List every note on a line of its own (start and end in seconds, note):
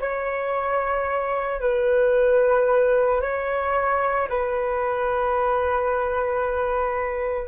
0.00 1.60 C#5
1.60 3.21 B4
3.21 4.28 C#5
4.29 7.48 B4